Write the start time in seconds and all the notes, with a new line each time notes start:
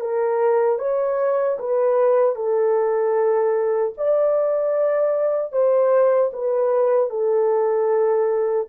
0.00 A#4
0.79 C#5
1.59 B4
2.35 A4
3.98 D5
5.52 C5
6.33 B4
7.10 A4